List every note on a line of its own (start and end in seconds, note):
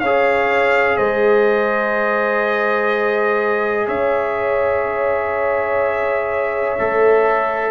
0.00 0.97 C#4
0.00 6.79 G#4
0.00 0.98 C#5
0.00 0.97 F5
0.97 3.88 G#3
0.97 3.87 C5
0.97 3.87 D#5
3.87 6.78 C#4
3.87 7.71 C#5
3.87 7.71 E5
6.79 7.71 A3
6.79 7.71 A4